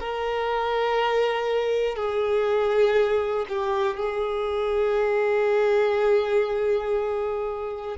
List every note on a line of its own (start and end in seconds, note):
0.00 1.95 A#4
1.95 3.45 G#4
3.48 3.97 G4
3.97 7.97 G#4